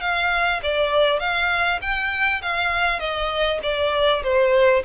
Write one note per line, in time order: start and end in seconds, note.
0.00 0.60 F5
0.62 1.19 D5
1.19 1.79 F5
1.81 2.41 G5
2.42 2.99 F5
2.99 3.59 D#5
3.62 4.22 D5
4.23 4.83 C5